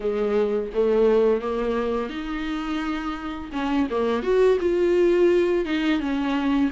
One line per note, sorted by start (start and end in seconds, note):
0.00 0.70 G#3
0.74 1.41 A3
1.41 2.09 A#3
2.09 3.50 D#4
3.52 3.87 C#4
3.90 4.23 A#3
4.23 4.58 F#4
4.60 5.65 F4
5.65 6.00 D#4
6.00 6.70 C#4